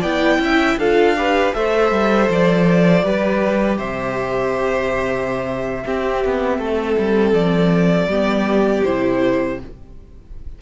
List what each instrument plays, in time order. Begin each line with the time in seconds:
0.00 cello B3, viola E4, violin D5 G5
0.39 cello C#4, violin E5
0.77 cello D4, viola F4, violin A4 F5
1.17 viola G4, violin B4
1.54 cello A3, viola A4, violin C5 E5
1.91 cello G3
2.29 cello F3, violin D5
3.03 cello G3, viola G4, violin B4
3.78 cello C3, violin C5 E5
5.84 viola C4, cello C4, violin G4
6.25 cello B3
6.59 cello A3, violin A4
6.98 cello G3
7.33 cello F3, violin D5
8.07 cello G3, viola B3, violin G4
8.84 cello C3, viola E4, violin C5